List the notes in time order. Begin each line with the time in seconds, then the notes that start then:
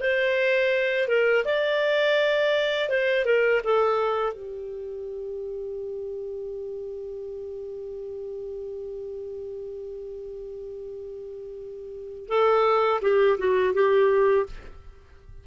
0.00 C5
1.08 A#4
1.45 D5
2.89 C5
3.25 A#4
3.64 A4
4.33 G4
12.29 A4
13.02 G4
13.38 F#4
13.74 G4